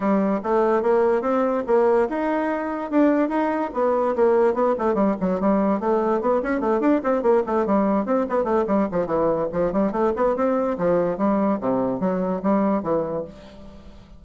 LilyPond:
\new Staff \with { instrumentName = "bassoon" } { \time 4/4 \tempo 4 = 145 g4 a4 ais4 c'4 | ais4 dis'2 d'4 | dis'4 b4 ais4 b8 a8 | g8 fis8 g4 a4 b8 cis'8 |
a8 d'8 c'8 ais8 a8 g4 c'8 | b8 a8 g8 f8 e4 f8 g8 | a8 b8 c'4 f4 g4 | c4 fis4 g4 e4 | }